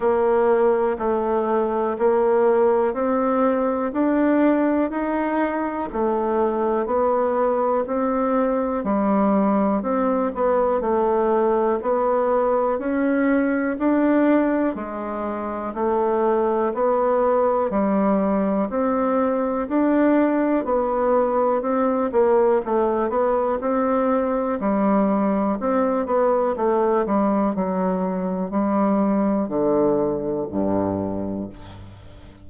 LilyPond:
\new Staff \with { instrumentName = "bassoon" } { \time 4/4 \tempo 4 = 61 ais4 a4 ais4 c'4 | d'4 dis'4 a4 b4 | c'4 g4 c'8 b8 a4 | b4 cis'4 d'4 gis4 |
a4 b4 g4 c'4 | d'4 b4 c'8 ais8 a8 b8 | c'4 g4 c'8 b8 a8 g8 | fis4 g4 d4 g,4 | }